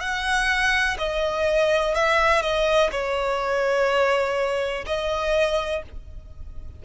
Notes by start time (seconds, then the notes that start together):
0.00 F#5
0.98 D#5
1.94 E5
2.41 D#5
2.91 C#5
4.86 D#5